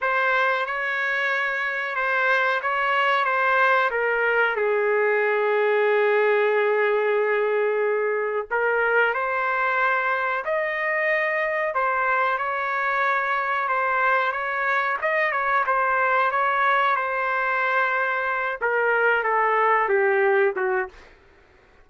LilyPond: \new Staff \with { instrumentName = "trumpet" } { \time 4/4 \tempo 4 = 92 c''4 cis''2 c''4 | cis''4 c''4 ais'4 gis'4~ | gis'1~ | gis'4 ais'4 c''2 |
dis''2 c''4 cis''4~ | cis''4 c''4 cis''4 dis''8 cis''8 | c''4 cis''4 c''2~ | c''8 ais'4 a'4 g'4 fis'8 | }